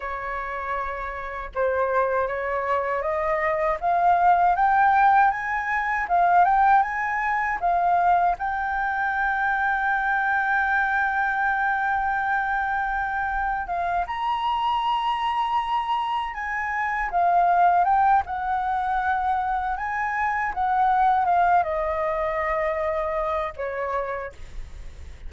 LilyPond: \new Staff \with { instrumentName = "flute" } { \time 4/4 \tempo 4 = 79 cis''2 c''4 cis''4 | dis''4 f''4 g''4 gis''4 | f''8 g''8 gis''4 f''4 g''4~ | g''1~ |
g''2 f''8 ais''4.~ | ais''4. gis''4 f''4 g''8 | fis''2 gis''4 fis''4 | f''8 dis''2~ dis''8 cis''4 | }